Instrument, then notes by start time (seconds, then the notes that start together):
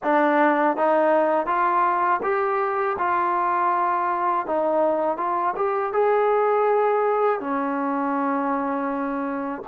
trombone
0.03 D4
0.76 D#4
1.46 F4
2.22 G4
2.98 F4
4.46 D#4
5.17 F4
5.56 G4
5.93 G#4
7.40 C#4